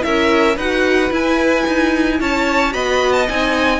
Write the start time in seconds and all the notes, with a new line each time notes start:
0.00 C#4 E4 A#4 E5
0.56 D#4 F#4 B4 F#5
1.11 E4 G#5
1.67 D#4
2.20 C#4 C#5 A5
2.71 B3 F#4 D#5 B5
3.12 A5
3.28 C4 D#4 G#5